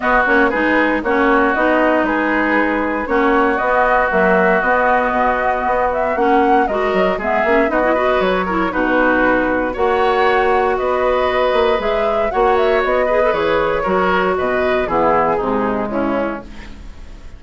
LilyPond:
<<
  \new Staff \with { instrumentName = "flute" } { \time 4/4 \tempo 4 = 117 dis''8 cis''8 b'4 cis''4 dis''4 | b'2 cis''4 dis''4 | e''4 dis''2~ dis''8 e''8 | fis''4 dis''4 e''4 dis''4 |
cis''4 b'2 fis''4~ | fis''4 dis''2 e''4 | fis''8 e''8 dis''4 cis''2 | dis''4 gis'2 e'4 | }
  \new Staff \with { instrumentName = "oboe" } { \time 4/4 fis'4 gis'4 fis'2 | gis'2 fis'2~ | fis'1~ | fis'4 ais'4 gis'4 fis'8 b'8~ |
b'8 ais'8 fis'2 cis''4~ | cis''4 b'2. | cis''4. b'4. ais'4 | b'4 e'4 dis'4 cis'4 | }
  \new Staff \with { instrumentName = "clarinet" } { \time 4/4 b8 cis'8 dis'4 cis'4 dis'4~ | dis'2 cis'4 b4 | fis4 b2. | cis'4 fis'4 b8 cis'8 dis'16 e'16 fis'8~ |
fis'8 e'8 dis'2 fis'4~ | fis'2. gis'4 | fis'4. gis'16 a'16 gis'4 fis'4~ | fis'4 b4 gis2 | }
  \new Staff \with { instrumentName = "bassoon" } { \time 4/4 b8 ais8 gis4 ais4 b4 | gis2 ais4 b4 | ais4 b4 b,4 b4 | ais4 gis8 fis8 gis8 ais8 b4 |
fis4 b,2 ais4~ | ais4 b4. ais8 gis4 | ais4 b4 e4 fis4 | b,4 e4 c4 cis4 | }
>>